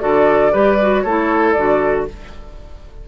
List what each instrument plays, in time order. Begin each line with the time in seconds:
0.00 bassoon D3, clarinet F#4, oboe A4, flute D5
0.52 bassoon G3, clarinet G4, oboe B4
0.81 clarinet F#4
1.01 bassoon A3, clarinet E4, oboe A4, flute C#5
1.52 bassoon D3, clarinet F#4, flute D5